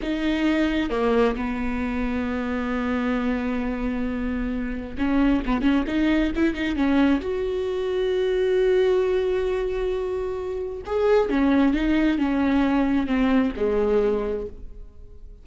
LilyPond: \new Staff \with { instrumentName = "viola" } { \time 4/4 \tempo 4 = 133 dis'2 ais4 b4~ | b1~ | b2. cis'4 | b8 cis'8 dis'4 e'8 dis'8 cis'4 |
fis'1~ | fis'1 | gis'4 cis'4 dis'4 cis'4~ | cis'4 c'4 gis2 | }